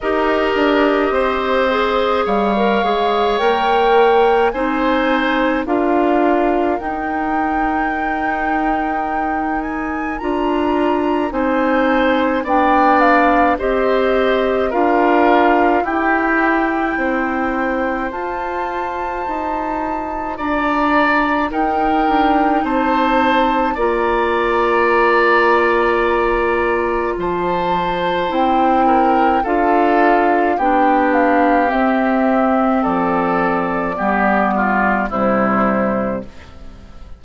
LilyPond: <<
  \new Staff \with { instrumentName = "flute" } { \time 4/4 \tempo 4 = 53 dis''2 f''4 g''4 | gis''4 f''4 g''2~ | g''8 gis''8 ais''4 gis''4 g''8 f''8 | dis''4 f''4 g''2 |
a''2 ais''4 g''4 | a''4 ais''2. | a''4 g''4 f''4 g''8 f''8 | e''4 d''2 c''4 | }
  \new Staff \with { instrumentName = "oboe" } { \time 4/4 ais'4 c''4 cis''2 | c''4 ais'2.~ | ais'2 c''4 d''4 | c''4 ais'4 g'4 c''4~ |
c''2 d''4 ais'4 | c''4 d''2. | c''4. ais'8 a'4 g'4~ | g'4 a'4 g'8 f'8 e'4 | }
  \new Staff \with { instrumentName = "clarinet" } { \time 4/4 g'4. gis'8. ais'16 gis'8 ais'4 | dis'4 f'4 dis'2~ | dis'4 f'4 dis'4 d'4 | g'4 f'4 e'2 |
f'2. dis'4~ | dis'4 f'2.~ | f'4 e'4 f'4 d'4 | c'2 b4 g4 | }
  \new Staff \with { instrumentName = "bassoon" } { \time 4/4 dis'8 d'8 c'4 g8 gis8 ais4 | c'4 d'4 dis'2~ | dis'4 d'4 c'4 b4 | c'4 d'4 e'4 c'4 |
f'4 dis'4 d'4 dis'8 d'8 | c'4 ais2. | f4 c'4 d'4 b4 | c'4 f4 g4 c4 | }
>>